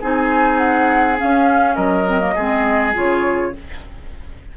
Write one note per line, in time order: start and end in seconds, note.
0.00 1.20 C4
0.00 1.17 D#4
0.00 1.75 G#4
0.00 0.58 G#5
0.58 1.17 F#5
1.17 2.05 C#4
1.17 1.75 F5
1.23 1.77 C#4
1.75 2.36 F#3
1.75 2.34 A#4
1.75 2.93 D#5
2.05 2.20 C4
2.20 2.34 A#3
2.35 2.96 G#3
2.35 2.93 C4
2.35 3.52 G#4
2.93 3.55 C#3
2.93 3.52 F4
2.93 3.57 C#5